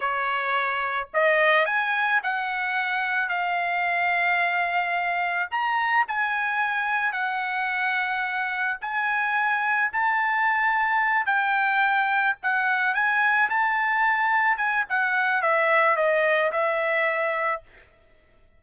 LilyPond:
\new Staff \with { instrumentName = "trumpet" } { \time 4/4 \tempo 4 = 109 cis''2 dis''4 gis''4 | fis''2 f''2~ | f''2 ais''4 gis''4~ | gis''4 fis''2. |
gis''2 a''2~ | a''8 g''2 fis''4 gis''8~ | gis''8 a''2 gis''8 fis''4 | e''4 dis''4 e''2 | }